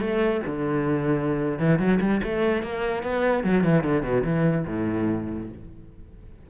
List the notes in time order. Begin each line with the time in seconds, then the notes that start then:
0.00 A3
0.46 D3
1.59 E3
1.79 F#3
2.01 G3
2.24 A3
2.63 A#3
3.03 B3
3.44 F#3
3.64 E3
3.84 D3
4.03 B2
4.24 E3
4.67 A2